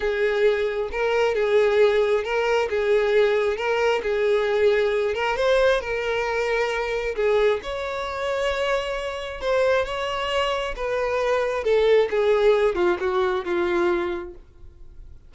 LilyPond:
\new Staff \with { instrumentName = "violin" } { \time 4/4 \tempo 4 = 134 gis'2 ais'4 gis'4~ | gis'4 ais'4 gis'2 | ais'4 gis'2~ gis'8 ais'8 | c''4 ais'2. |
gis'4 cis''2.~ | cis''4 c''4 cis''2 | b'2 a'4 gis'4~ | gis'8 f'8 fis'4 f'2 | }